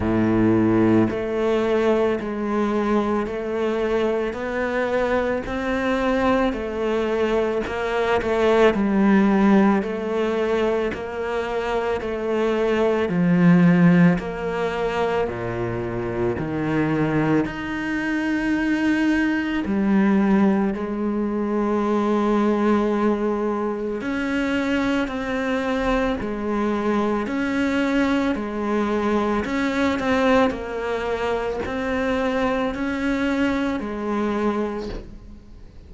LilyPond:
\new Staff \with { instrumentName = "cello" } { \time 4/4 \tempo 4 = 55 a,4 a4 gis4 a4 | b4 c'4 a4 ais8 a8 | g4 a4 ais4 a4 | f4 ais4 ais,4 dis4 |
dis'2 g4 gis4~ | gis2 cis'4 c'4 | gis4 cis'4 gis4 cis'8 c'8 | ais4 c'4 cis'4 gis4 | }